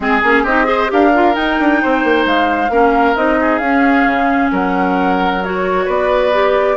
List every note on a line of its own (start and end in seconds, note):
0.00 0.22 G#3
0.00 0.23 C4
0.00 0.43 G#4
0.00 0.45 G#4
0.22 0.44 A#3
0.22 0.46 C#4
0.43 0.89 C4
0.43 0.64 D#4
0.43 0.65 G4
0.43 0.90 D#5
0.64 0.87 G#4
0.64 0.91 C5
0.88 1.36 D4
0.88 1.10 G4
0.88 1.82 A#4
0.88 1.35 F5
1.14 1.32 F4
1.32 2.68 D#4
1.32 1.59 D#4
1.32 2.25 G5
1.59 1.82 D4
1.82 2.03 C4
1.82 2.71 C5
2.03 2.25 A#3
2.25 2.69 G#3
2.25 3.15 F5
2.69 3.14 A#3
2.69 3.15 C#4
2.69 3.39 A#4
3.15 3.60 C4
3.15 3.60 D#4
3.15 3.58 D#5
3.40 4.52 G#4
3.58 4.05 C#4
3.58 5.42 C#4
3.58 4.48 F5
4.05 4.50 C#3
4.51 5.86 F#3
4.51 5.85 A#4
4.51 5.44 F#5
5.44 6.32 F#4
5.44 5.89 C#5
5.85 6.77 B3
5.85 6.75 B4
5.85 6.77 D5
6.32 6.77 G4